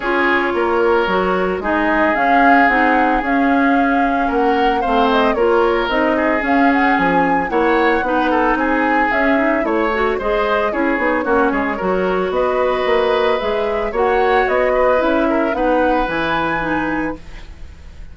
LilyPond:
<<
  \new Staff \with { instrumentName = "flute" } { \time 4/4 \tempo 4 = 112 cis''2. dis''4 | f''4 fis''4 f''2 | fis''4 f''8 dis''8 cis''4 dis''4 | f''8 fis''8 gis''4 fis''2 |
gis''4 e''4 cis''4 dis''4 | cis''2. dis''4~ | dis''4 e''4 fis''4 dis''4 | e''4 fis''4 gis''2 | }
  \new Staff \with { instrumentName = "oboe" } { \time 4/4 gis'4 ais'2 gis'4~ | gis'1 | ais'4 c''4 ais'4. gis'8~ | gis'2 cis''4 b'8 a'8 |
gis'2 cis''4 c''4 | gis'4 fis'8 gis'8 ais'4 b'4~ | b'2 cis''4. b'8~ | b'8 ais'8 b'2. | }
  \new Staff \with { instrumentName = "clarinet" } { \time 4/4 f'2 fis'4 dis'4 | cis'4 dis'4 cis'2~ | cis'4 c'4 f'4 dis'4 | cis'2 e'4 dis'4~ |
dis'4 cis'8 dis'8 e'8 fis'8 gis'4 | e'8 dis'8 cis'4 fis'2~ | fis'4 gis'4 fis'2 | e'4 dis'4 e'4 dis'4 | }
  \new Staff \with { instrumentName = "bassoon" } { \time 4/4 cis'4 ais4 fis4 gis4 | cis'4 c'4 cis'2 | ais4 a4 ais4 c'4 | cis'4 f4 ais4 b4 |
c'4 cis'4 a4 gis4 | cis'8 b8 ais8 gis8 fis4 b4 | ais4 gis4 ais4 b4 | cis'4 b4 e2 | }
>>